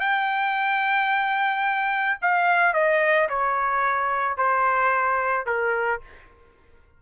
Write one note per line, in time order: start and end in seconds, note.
0.00 2.18 G5
2.22 2.73 F5
2.73 3.28 D#5
3.29 4.37 C#5
4.37 5.46 C5
5.46 6.00 A#4